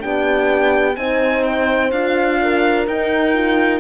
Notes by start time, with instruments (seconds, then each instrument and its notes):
0.00 cello B3, horn D4 G4, violin G5
0.96 cello C4, horn D#4 C5, violin G#5
1.45 violin G5
1.91 cello D4, horn F4, violin F5
2.42 horn A#4
2.87 cello D#4, horn D#4, violin G5
3.34 horn F4